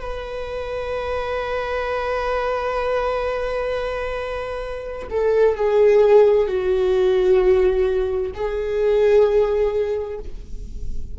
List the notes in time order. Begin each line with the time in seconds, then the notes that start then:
0.00 B4
5.10 A4
5.56 G#4
6.47 F#4
8.34 G#4